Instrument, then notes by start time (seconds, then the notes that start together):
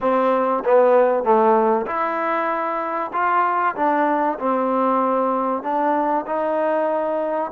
trombone
0.01 C4
0.64 B3
1.23 A3
1.86 E4
3.12 F4
3.75 D4
4.39 C4
5.62 D4
6.26 D#4